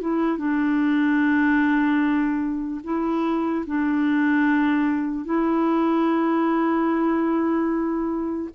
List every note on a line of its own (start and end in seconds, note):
0.00 0.38 E4
0.38 2.81 D4
2.83 3.64 E4
3.66 5.24 D4
5.24 8.49 E4